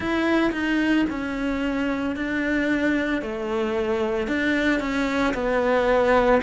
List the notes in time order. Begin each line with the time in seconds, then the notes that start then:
0.00 E4
0.52 D#4
1.10 C#4
2.15 D4
3.21 A3
4.27 D4
4.80 C#4
5.34 B3